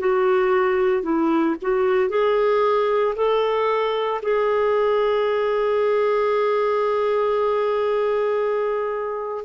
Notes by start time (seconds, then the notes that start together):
0.00 F#4
1.03 E4
1.62 F#4
2.10 G#4
3.16 A4
4.22 G#4